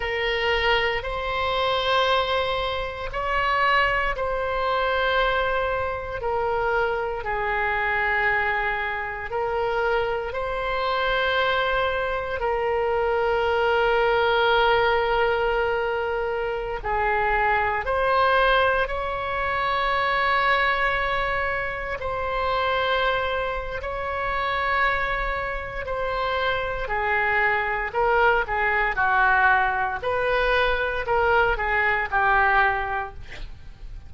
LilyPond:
\new Staff \with { instrumentName = "oboe" } { \time 4/4 \tempo 4 = 58 ais'4 c''2 cis''4 | c''2 ais'4 gis'4~ | gis'4 ais'4 c''2 | ais'1~ |
ais'16 gis'4 c''4 cis''4.~ cis''16~ | cis''4~ cis''16 c''4.~ c''16 cis''4~ | cis''4 c''4 gis'4 ais'8 gis'8 | fis'4 b'4 ais'8 gis'8 g'4 | }